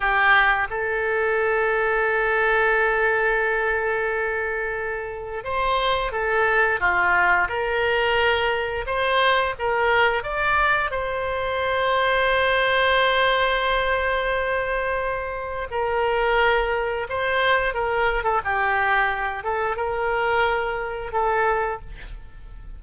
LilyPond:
\new Staff \with { instrumentName = "oboe" } { \time 4/4 \tempo 4 = 88 g'4 a'2.~ | a'1 | c''4 a'4 f'4 ais'4~ | ais'4 c''4 ais'4 d''4 |
c''1~ | c''2. ais'4~ | ais'4 c''4 ais'8. a'16 g'4~ | g'8 a'8 ais'2 a'4 | }